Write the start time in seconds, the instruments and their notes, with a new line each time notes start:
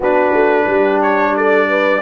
0.00 tuba B3, trombone D4, horn F#4, trumpet B4
0.32 tuba A3
0.66 tuba G3, horn G4
1.02 trumpet C#5
1.36 horn A4, trumpet D5
1.69 horn B4